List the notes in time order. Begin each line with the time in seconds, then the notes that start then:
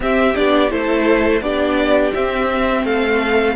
0.00 C4 G4 E5
0.35 B3 D4 D5
0.69 A3 E4 A4 C5
1.41 B3 D4 G4 D5
2.14 C4 E5
2.83 A3 A4 F5